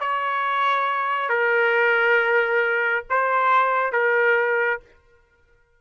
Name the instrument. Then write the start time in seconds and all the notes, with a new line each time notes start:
trumpet
0.00 C#5
1.29 A#4
3.10 C5
3.92 A#4